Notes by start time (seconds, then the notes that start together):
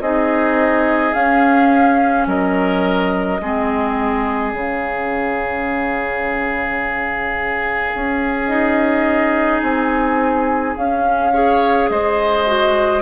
0.00 C4 D#4 G#4 D#5
1.13 C#4 F5
2.26 F#3 A#4 D#5
3.41 G#3 C4 G#4
4.52 C#3 C#4 F5
7.94 C#4
8.47 D#4 D#5
9.62 C4 G#5
10.76 C#4 F5
11.33 G#4 C#5
11.89 G#3 C5 D#5
12.46 F#4